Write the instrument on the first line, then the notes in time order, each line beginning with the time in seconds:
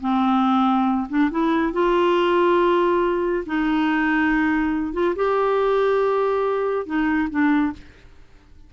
clarinet
0.00 C4
1.09 D4
1.30 E4
1.72 F4
3.45 D#4
4.93 F4
5.15 G4
6.86 D#4
7.30 D4